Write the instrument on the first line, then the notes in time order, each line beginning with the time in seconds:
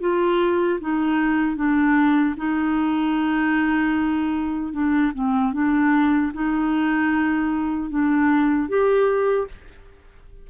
clarinet
0.00 F4
0.80 D#4
1.56 D4
2.37 D#4
4.73 D4
5.14 C4
5.53 D4
6.33 D#4
7.89 D4
8.68 G4